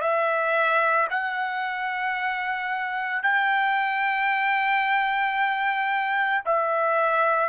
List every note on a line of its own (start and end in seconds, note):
0.00 1.07 E5
1.10 3.22 F#5
3.22 6.44 G5
6.45 7.49 E5